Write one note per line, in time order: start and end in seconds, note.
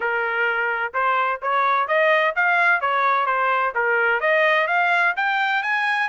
0.00 0.92 A#4
0.93 1.40 C5
1.41 1.87 C#5
1.87 2.34 D#5
2.35 2.81 F5
2.81 3.26 C#5
3.26 3.73 C5
3.74 4.20 A#4
4.20 4.67 D#5
4.67 5.14 F5
5.16 5.62 G5
5.62 6.08 G#5